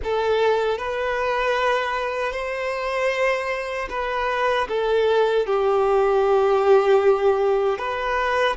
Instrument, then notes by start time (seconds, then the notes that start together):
violin
0.03 A4
0.78 B4
2.32 C5
3.89 B4
4.68 A4
5.46 G4
7.78 B4